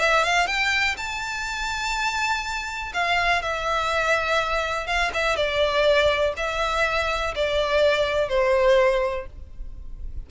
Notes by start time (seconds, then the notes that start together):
0.00 E5
0.24 F5
0.47 G5
0.97 A5
2.94 F5
3.42 E5
4.87 F5
5.14 E5
5.37 D5
6.37 E5
7.36 D5
8.29 C5